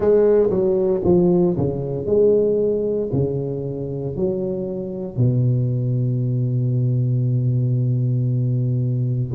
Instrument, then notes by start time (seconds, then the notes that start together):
tuba
0.00 G#3
0.49 F#3
1.04 F3
1.57 C#3
2.05 G#3
3.12 C#3
4.16 F#3
5.17 B2